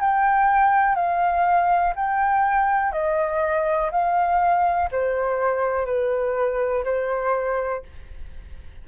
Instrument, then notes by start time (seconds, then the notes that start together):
flute
0.00 G5
0.95 F5
1.95 G5
2.92 D#5
3.91 F5
4.91 C5
5.85 B4
6.84 C5